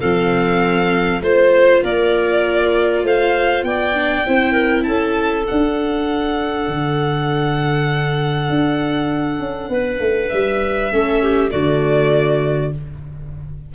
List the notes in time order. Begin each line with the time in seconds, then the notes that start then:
0.00 F3 C4 A4 F5
1.20 A3 F4 C5
1.82 A#3 A#4 D5
3.03 A3 C5 F5
3.63 B3 D5 G5
3.94 D4
4.26 C4 E4 C5
4.52 A#4
4.83 C#4 A4 A5
5.45 D4 F#5
6.67 D3
8.49 D4
9.39 C#4
9.69 B3 B4
9.99 A3
10.29 G3 E5
10.91 A3 C#4 A4
11.22 G4
11.50 D3 A3 F#4 D5